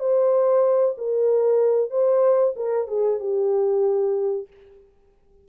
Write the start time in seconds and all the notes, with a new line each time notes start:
0.00 C5
0.98 A#4
1.91 C5
2.56 A#4
2.88 G#4
3.20 G4